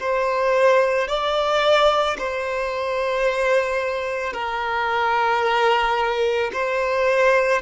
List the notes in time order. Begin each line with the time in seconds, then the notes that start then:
0.00 C5
1.08 D5
2.19 C5
4.33 A#4
6.53 C5